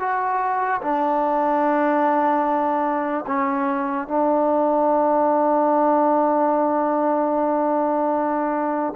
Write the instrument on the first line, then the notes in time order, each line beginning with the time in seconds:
trombone
0.00 F#4
0.82 D4
3.27 C#4
4.08 D4